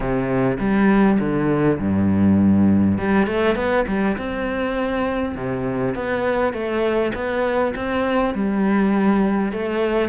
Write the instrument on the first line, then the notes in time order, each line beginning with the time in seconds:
cello
0.00 C3
0.59 G3
1.19 D3
1.79 G2
2.98 G3
3.26 A3
3.55 B3
3.87 G3
4.17 C4
5.35 C3
5.94 B3
6.53 A3
7.14 B3
7.75 C4
8.34 G3
9.52 A3